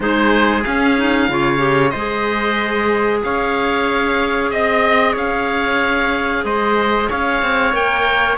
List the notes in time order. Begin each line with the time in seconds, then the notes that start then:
0.00 G#3 D#4 G#4 C5
0.63 C#4 F5
0.97 D#4
1.28 C#3 F4 C#5
1.58 G4
1.90 G#3 C5 D#5
1.96 G#4
3.23 C#4 C#5 F5
4.50 C4 D#5
5.12 C#4 C#5 F5
6.44 G#3 C5 D#5
7.09 C#4 C#5 F5
7.42 C4
7.73 A#3 A#4 G5